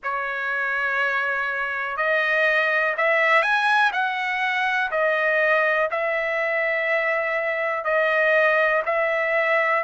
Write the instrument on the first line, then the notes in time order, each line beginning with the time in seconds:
trumpet
0.03 C#5
1.96 D#5
2.97 E5
3.42 G#5
3.92 F#5
4.91 D#5
5.90 E5
7.84 D#5
8.85 E5